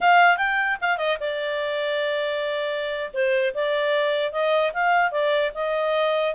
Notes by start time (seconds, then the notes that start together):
0.01 F5
0.37 G5
0.81 F5
0.97 D#5
1.20 D5
3.13 C5
3.54 D5
4.32 D#5
4.73 F5
5.11 D5
5.54 D#5